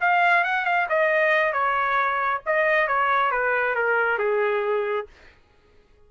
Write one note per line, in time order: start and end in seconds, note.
0.00 0.44 F5
0.44 0.65 F#5
0.65 0.87 F5
0.89 1.53 D#5
1.53 2.41 C#5
2.46 2.87 D#5
2.87 3.31 C#5
3.31 3.75 B4
3.75 4.18 A#4
4.18 5.07 G#4